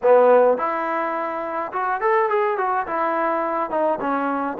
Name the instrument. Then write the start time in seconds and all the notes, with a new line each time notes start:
trombone
0.02 B3
0.57 E4
1.72 F#4
2.00 A4
2.29 G#4
2.57 F#4
2.86 E4
3.70 D#4
4.00 C#4